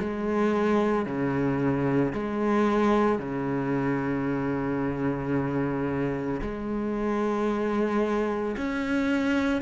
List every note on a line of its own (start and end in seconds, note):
0.00 1.05 G#3
1.05 2.12 C#3
2.12 3.19 G#3
3.19 6.40 C#3
6.41 8.56 G#3
8.57 9.61 C#4